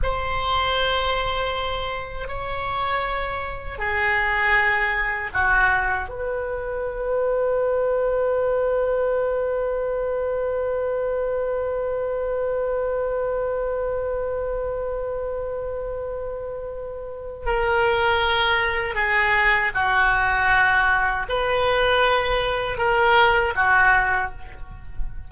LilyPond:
\new Staff \with { instrumentName = "oboe" } { \time 4/4 \tempo 4 = 79 c''2. cis''4~ | cis''4 gis'2 fis'4 | b'1~ | b'1~ |
b'1~ | b'2. ais'4~ | ais'4 gis'4 fis'2 | b'2 ais'4 fis'4 | }